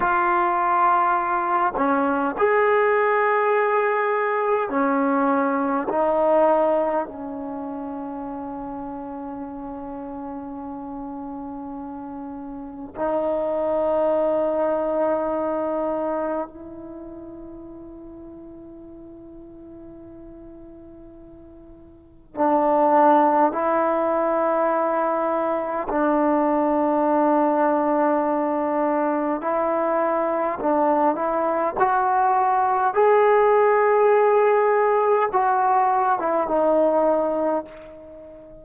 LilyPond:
\new Staff \with { instrumentName = "trombone" } { \time 4/4 \tempo 4 = 51 f'4. cis'8 gis'2 | cis'4 dis'4 cis'2~ | cis'2. dis'4~ | dis'2 e'2~ |
e'2. d'4 | e'2 d'2~ | d'4 e'4 d'8 e'8 fis'4 | gis'2 fis'8. e'16 dis'4 | }